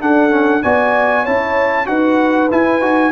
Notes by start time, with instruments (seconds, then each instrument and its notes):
0.00 tuba D4, trombone D4, horn A4, trumpet F#5
0.30 trombone C#4
0.63 tuba B3, trombone F#4, horn D5, trumpet G#5
1.23 tuba C#4, trombone E4, horn C#5, trumpet A5
1.86 tuba D#4, trombone F#4, horn B4, trumpet F#5
2.50 trombone E4, tuba E4, trumpet G#5
2.80 tuba D#4, trombone F#4